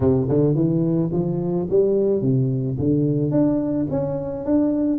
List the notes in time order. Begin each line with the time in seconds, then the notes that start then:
0.00 C3
0.29 D3
0.54 E3
1.12 F3
1.69 G3
2.21 C3
2.78 D3
3.31 D4
3.90 C#4
4.44 D4